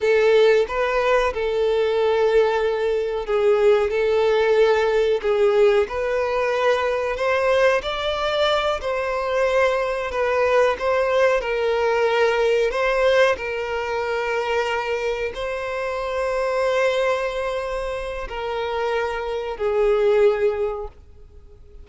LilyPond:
\new Staff \with { instrumentName = "violin" } { \time 4/4 \tempo 4 = 92 a'4 b'4 a'2~ | a'4 gis'4 a'2 | gis'4 b'2 c''4 | d''4. c''2 b'8~ |
b'8 c''4 ais'2 c''8~ | c''8 ais'2. c''8~ | c''1 | ais'2 gis'2 | }